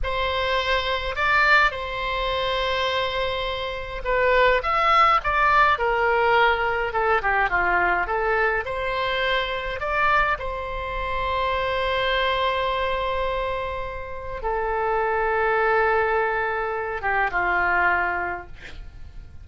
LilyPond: \new Staff \with { instrumentName = "oboe" } { \time 4/4 \tempo 4 = 104 c''2 d''4 c''4~ | c''2. b'4 | e''4 d''4 ais'2 | a'8 g'8 f'4 a'4 c''4~ |
c''4 d''4 c''2~ | c''1~ | c''4 a'2.~ | a'4. g'8 f'2 | }